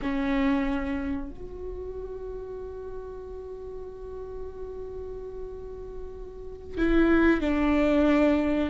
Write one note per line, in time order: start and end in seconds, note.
0.02 1.30 C#4
1.30 6.77 F#4
6.77 7.40 E4
7.40 8.69 D4